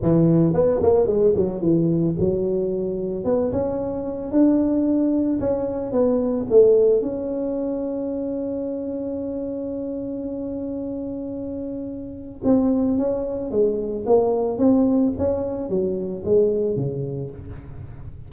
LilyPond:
\new Staff \with { instrumentName = "tuba" } { \time 4/4 \tempo 4 = 111 e4 b8 ais8 gis8 fis8 e4 | fis2 b8 cis'4. | d'2 cis'4 b4 | a4 cis'2.~ |
cis'1~ | cis'2. c'4 | cis'4 gis4 ais4 c'4 | cis'4 fis4 gis4 cis4 | }